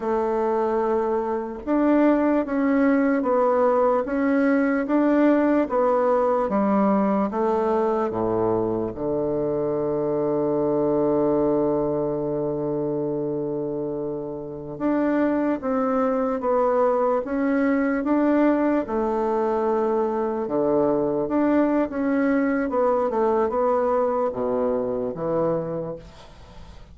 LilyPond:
\new Staff \with { instrumentName = "bassoon" } { \time 4/4 \tempo 4 = 74 a2 d'4 cis'4 | b4 cis'4 d'4 b4 | g4 a4 a,4 d4~ | d1~ |
d2~ d16 d'4 c'8.~ | c'16 b4 cis'4 d'4 a8.~ | a4~ a16 d4 d'8. cis'4 | b8 a8 b4 b,4 e4 | }